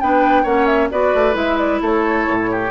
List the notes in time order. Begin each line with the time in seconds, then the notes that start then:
0.00 B3 D4 B4 G5
0.43 A#3 C#4 C#5 F#5
0.66 E5
0.91 B3 F#4 B4 D5
1.14 A3
1.33 G#3 E4 E5
1.58 D5
1.81 A3 A4 C#5
2.27 A2
2.51 G4